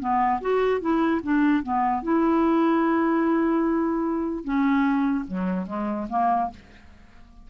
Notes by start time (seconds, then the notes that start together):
0.00 B3
0.41 F#4
0.80 E4
1.23 D4
1.63 B3
2.03 E4
4.44 C#4
5.28 F#3
5.66 G#3
6.09 A#3